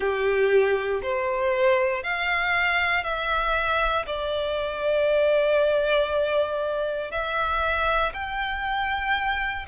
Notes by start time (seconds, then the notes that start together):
0.00 G4
1.02 C5
2.03 F5
3.03 E5
4.06 D5
7.11 E5
8.13 G5